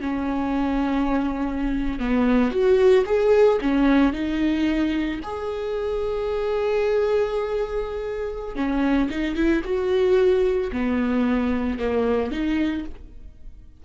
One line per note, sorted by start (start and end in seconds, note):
0.00 1.99 C#4
1.99 2.51 B3
2.51 3.05 F#4
3.06 3.59 G#4
3.61 4.13 C#4
4.13 5.20 D#4
5.23 8.55 G#4
8.55 9.09 C#4
9.10 9.35 D#4
9.35 9.62 E4
9.64 10.71 F#4
10.72 11.79 B3
11.79 12.31 A#3
12.31 12.85 D#4